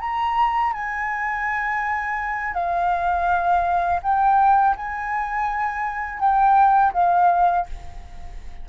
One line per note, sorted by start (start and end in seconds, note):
0.00 0.73 A#5
0.73 2.54 G#5
2.54 4.00 F5
4.03 4.76 G5
4.76 6.20 G#5
6.20 6.93 G5
6.93 7.66 F5